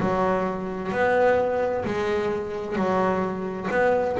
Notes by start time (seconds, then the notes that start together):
0.00 F#3
0.92 B3
1.85 G#3
2.76 F#3
3.70 B3